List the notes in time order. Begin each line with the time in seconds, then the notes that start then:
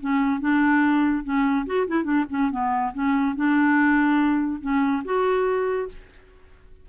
0.00 C#4
0.40 D4
1.24 C#4
1.66 F#4
1.87 E4
2.04 D4
2.29 C#4
2.51 B3
2.93 C#4
3.35 D4
4.61 C#4
5.04 F#4